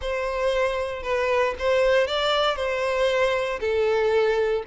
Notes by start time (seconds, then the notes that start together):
0.01 C5
1.03 B4
1.58 C5
2.07 D5
2.56 C5
3.60 A4